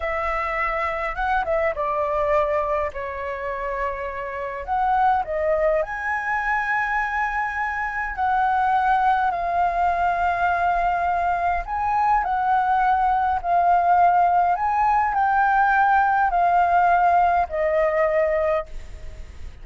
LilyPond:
\new Staff \with { instrumentName = "flute" } { \time 4/4 \tempo 4 = 103 e''2 fis''8 e''8 d''4~ | d''4 cis''2. | fis''4 dis''4 gis''2~ | gis''2 fis''2 |
f''1 | gis''4 fis''2 f''4~ | f''4 gis''4 g''2 | f''2 dis''2 | }